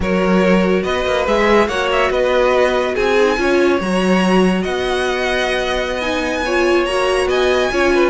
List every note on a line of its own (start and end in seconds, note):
0.00 0.83 F#3
0.00 1.26 F#4
0.00 0.82 A#4
0.00 0.83 C#5
0.82 1.05 B3
0.82 1.67 B4
0.82 1.25 D#5
1.05 1.26 A#3
1.26 1.67 G#3
1.26 1.68 G#4
1.26 1.67 E5
1.67 2.09 A#3
1.67 3.18 F#4
1.67 2.10 C#5
1.67 1.89 F#5
1.92 2.11 E5
2.10 2.95 B3
2.10 2.95 B4
2.10 2.95 D#5
2.95 3.38 C4
2.95 3.37 G#4
2.95 3.80 G#5
3.19 3.37 D#4
3.37 3.80 C#4
3.37 3.79 F4
3.37 4.62 C#5
3.80 4.65 F#3
3.80 6.01 F#4
3.80 4.63 A#5
4.62 6.85 B3
4.62 6.41 D#5
4.62 6.01 F#5
6.01 6.43 D#4
6.01 6.85 G#5
6.45 6.88 F4
6.45 7.28 C#5
6.85 7.26 A#3
6.85 7.72 F#4
6.85 7.27 A#5
7.26 7.68 B3
7.26 7.70 D#5
7.26 8.10 G#5
7.72 8.10 C#4
7.72 8.10 F4
7.72 7.93 C#5
7.94 8.10 B4